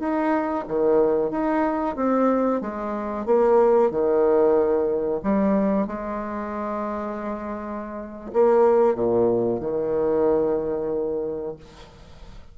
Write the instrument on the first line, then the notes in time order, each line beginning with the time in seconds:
bassoon
0.00 D#4
0.68 D#3
1.31 D#4
1.97 C4
2.61 G#3
3.26 A#3
3.91 D#3
5.23 G3
5.88 G#3
8.33 A#3
8.96 A#2
9.61 D#3